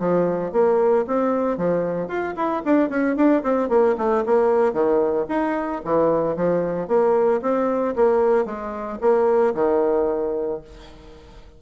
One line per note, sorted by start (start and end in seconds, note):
0.00 0.53 F3
0.53 1.06 A#3
1.07 1.58 C4
1.58 2.08 F3
2.08 2.35 F4
2.37 2.63 E4
2.65 2.90 D4
2.90 3.16 C#4
3.16 3.43 D4
3.43 3.69 C4
3.69 3.96 A#3
3.98 4.25 A3
4.26 4.73 A#3
4.73 5.26 D#3
5.29 5.82 D#4
5.85 6.37 E3
6.37 6.88 F3
6.88 7.41 A#3
7.42 7.95 C4
7.96 8.46 A#3
8.46 8.99 G#3
9.02 9.55 A#3
9.55 10.61 D#3